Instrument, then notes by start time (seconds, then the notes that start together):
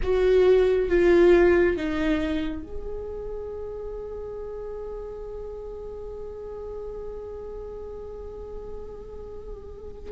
viola
0.02 F#4
0.88 F4
1.76 D#4
2.62 G#4